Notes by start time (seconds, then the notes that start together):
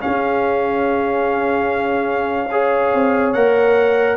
0.00 C#4 G#4 F5
0.07 C#4
2.51 G#4 C#5
2.95 C4
3.34 A#3 A#4 F#5